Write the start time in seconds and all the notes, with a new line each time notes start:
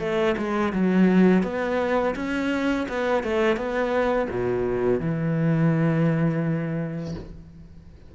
0.00 A3
0.38 G#3
0.73 F#3
1.44 B3
2.16 C#4
2.89 B3
3.24 A3
3.57 B3
4.30 B2
5.01 E3